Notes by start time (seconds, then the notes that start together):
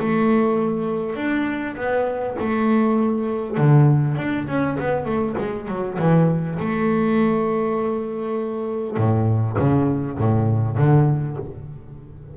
0.00 A3
1.16 D4
1.76 B3
2.40 A3
3.58 D3
4.17 D4
4.48 C#4
4.80 B3
5.06 A3
5.38 G#3
5.68 F#3
5.99 E3
6.60 A3
8.97 A2
9.59 C#3
10.19 A2
10.77 D3